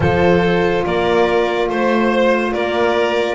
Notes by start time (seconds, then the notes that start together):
0.00 F3 F4 A4 C5
0.84 A#3 A#4 D5
1.69 A3 C5
2.52 A#3 A#4 D5